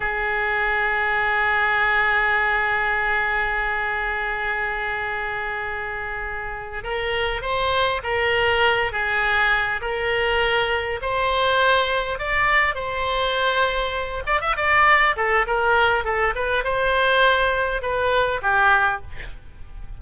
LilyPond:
\new Staff \with { instrumentName = "oboe" } { \time 4/4 \tempo 4 = 101 gis'1~ | gis'1~ | gis'2.~ gis'8 ais'8~ | ais'8 c''4 ais'4. gis'4~ |
gis'8 ais'2 c''4.~ | c''8 d''4 c''2~ c''8 | d''16 e''16 d''4 a'8 ais'4 a'8 b'8 | c''2 b'4 g'4 | }